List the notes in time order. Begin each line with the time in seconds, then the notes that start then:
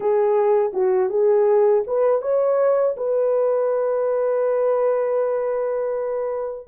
0.00 G#4
0.73 F#4
1.09 G#4
1.87 B4
2.21 C#5
2.96 B4